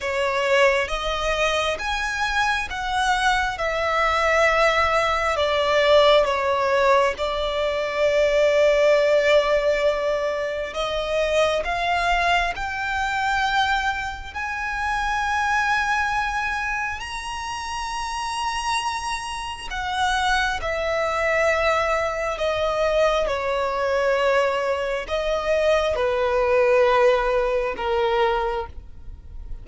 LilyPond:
\new Staff \with { instrumentName = "violin" } { \time 4/4 \tempo 4 = 67 cis''4 dis''4 gis''4 fis''4 | e''2 d''4 cis''4 | d''1 | dis''4 f''4 g''2 |
gis''2. ais''4~ | ais''2 fis''4 e''4~ | e''4 dis''4 cis''2 | dis''4 b'2 ais'4 | }